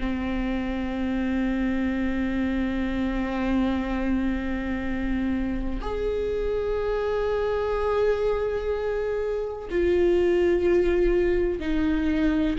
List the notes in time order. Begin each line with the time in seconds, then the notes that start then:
0.00 C4
5.82 G#4
9.71 F4
11.60 D#4